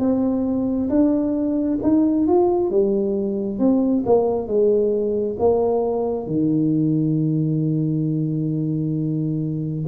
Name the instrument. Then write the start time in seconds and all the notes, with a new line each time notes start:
tuba
0.00 C4
0.90 D4
1.83 D#4
2.28 F4
2.70 G3
3.60 C4
4.06 A#3
4.48 G#3
5.39 A#3
6.27 D#3